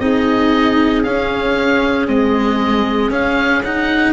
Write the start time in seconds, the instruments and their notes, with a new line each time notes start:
0.00 tuba C4, cello D#4, clarinet G#4, oboe D#5
1.04 tuba C#4, cello C#4, oboe F5
2.08 cello G#3, tuba C4, oboe D#5
3.10 tuba C#4, cello C#4, oboe F5
3.64 cello D#4, oboe F#5